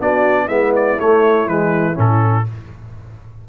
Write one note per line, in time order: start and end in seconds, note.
0.00 0.48 B3
0.00 0.49 D4
0.00 0.45 F#4
0.00 0.48 D5
0.45 0.98 G#3
0.45 0.98 B3
0.45 2.42 E4
0.45 0.73 E5
0.76 1.00 D5
0.99 1.48 A3
0.99 1.46 A3
0.99 1.48 C#5
1.46 1.96 E3
1.46 1.95 G#3
1.46 1.97 B4
1.95 2.47 A2
1.95 2.44 C#4
1.95 2.48 A4